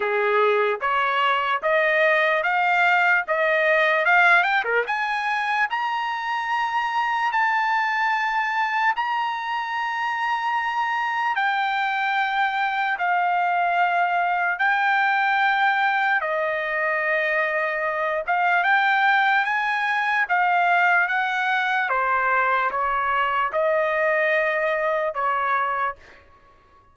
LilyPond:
\new Staff \with { instrumentName = "trumpet" } { \time 4/4 \tempo 4 = 74 gis'4 cis''4 dis''4 f''4 | dis''4 f''8 g''16 ais'16 gis''4 ais''4~ | ais''4 a''2 ais''4~ | ais''2 g''2 |
f''2 g''2 | dis''2~ dis''8 f''8 g''4 | gis''4 f''4 fis''4 c''4 | cis''4 dis''2 cis''4 | }